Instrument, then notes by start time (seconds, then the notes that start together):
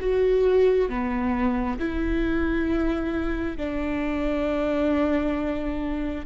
viola
0.00 F#4
0.89 B3
1.79 E4
3.57 D4